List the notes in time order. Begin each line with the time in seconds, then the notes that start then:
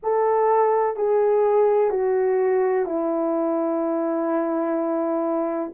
0.03 A4
0.96 G#4
1.90 F#4
2.85 E4